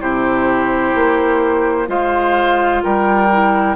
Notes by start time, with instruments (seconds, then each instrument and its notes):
0.00 bassoon C3, clarinet E4, oboe G4, flute C5
0.95 bassoon A#3
1.87 bassoon G#3, clarinet F4, oboe C5, flute F5
2.83 bassoon G3, oboe A#4, flute G5
3.32 clarinet E4